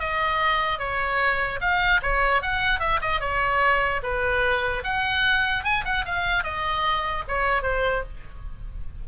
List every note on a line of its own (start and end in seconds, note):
0.00 0.79 D#5
0.79 1.60 C#5
1.61 2.01 F5
2.03 2.43 C#5
2.43 2.80 F#5
2.80 3.00 E5
3.02 3.21 D#5
3.21 4.02 C#5
4.03 4.84 B4
4.84 5.64 F#5
5.64 5.85 G#5
5.85 6.05 F#5
6.06 6.44 F5
6.44 7.24 D#5
7.28 7.63 C#5
7.63 8.03 C5